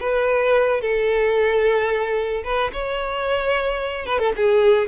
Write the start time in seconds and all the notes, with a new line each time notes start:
0.00 B4
0.81 A4
2.44 B4
2.73 C#5
4.06 B4
4.19 A4
4.37 G#4